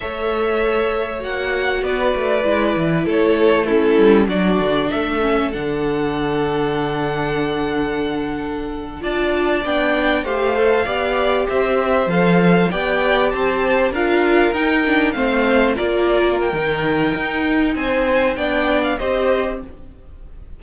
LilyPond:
<<
  \new Staff \with { instrumentName = "violin" } { \time 4/4 \tempo 4 = 98 e''2 fis''4 d''4~ | d''4 cis''4 a'4 d''4 | e''4 fis''2.~ | fis''2~ fis''8. a''4 g''16~ |
g''8. f''2 e''4 f''16~ | f''8. g''4 a''4 f''4 g''16~ | g''8. f''4 d''4 g''4~ g''16~ | g''4 gis''4 g''8. f''16 dis''4 | }
  \new Staff \with { instrumentName = "violin" } { \time 4/4 cis''2. b'4~ | b'4 a'4 e'4 fis'4 | a'1~ | a'2~ a'8. d''4~ d''16~ |
d''8. c''4 d''4 c''4~ c''16~ | c''8. d''4 c''4 ais'4~ ais'16~ | ais'8. c''4 ais'2~ ais'16~ | ais'4 c''4 d''4 c''4 | }
  \new Staff \with { instrumentName = "viola" } { \time 4/4 a'2 fis'2 | e'2 cis'4 d'4~ | d'8 cis'8 d'2.~ | d'2~ d'8. f'4 d'16~ |
d'8. g'8 a'8 g'2 a'16~ | a'8. g'2 f'4 dis'16~ | dis'16 d'8 c'4 f'4~ f'16 dis'4~ | dis'2 d'4 g'4 | }
  \new Staff \with { instrumentName = "cello" } { \time 4/4 a2 ais4 b8 a8 | gis8 e8 a4. g8 fis8 d8 | a4 d2.~ | d2~ d8. d'4 b16~ |
b8. a4 b4 c'4 f16~ | f8. b4 c'4 d'4 dis'16~ | dis'8. a4 ais4~ ais16 dis4 | dis'4 c'4 b4 c'4 | }
>>